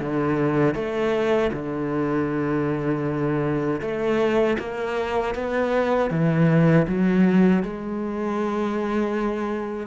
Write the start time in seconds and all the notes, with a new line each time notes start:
0.00 D3
0.75 A3
1.53 D3
3.81 A3
4.59 A#3
5.35 B3
6.10 E3
6.87 F#3
7.63 G#3